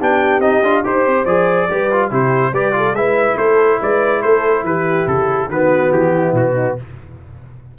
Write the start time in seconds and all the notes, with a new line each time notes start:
0.00 B3 D4 G4 G5
0.39 C4 D#4 D#5
0.63 D4 F4
0.84 D#4 G4 C5
1.07 C4
1.25 F3 G#4 D5
1.70 G3 G4 B4
1.92 F4
2.10 C3 E4 G4 C5
2.52 G3 G4 B4 D5
2.73 F4 A4
2.93 G#3 E4 B4 E5
3.37 A3 A4 C5
3.81 G#3 B4 D5
4.22 A3 A4 C5
4.64 E3 G4 B4
5.07 C#3 A4
5.49 D#3 B3 F#4 B4
5.92 E3 G4
6.13 E4
6.33 B2 F#4
6.54 D#4